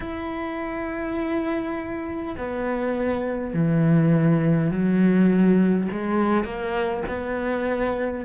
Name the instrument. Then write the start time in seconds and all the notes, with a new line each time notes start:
cello
0.00 E4
2.37 B3
3.53 E3
4.71 F#3
5.91 G#3
6.44 A#3
7.07 B3